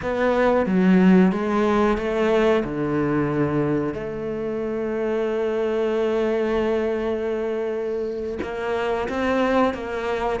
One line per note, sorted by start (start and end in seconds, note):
0.02 0.66 B3
0.66 1.32 F#3
1.32 1.97 G#3
1.97 2.63 A3
2.64 3.94 D3
3.94 8.39 A3
8.42 9.08 A#3
9.08 9.73 C4
9.73 10.39 A#3